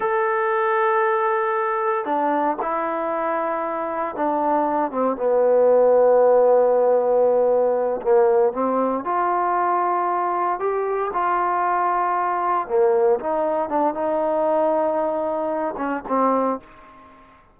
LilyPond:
\new Staff \with { instrumentName = "trombone" } { \time 4/4 \tempo 4 = 116 a'1 | d'4 e'2. | d'4. c'8 b2~ | b2.~ b8 ais8~ |
ais8 c'4 f'2~ f'8~ | f'8 g'4 f'2~ f'8~ | f'8 ais4 dis'4 d'8 dis'4~ | dis'2~ dis'8 cis'8 c'4 | }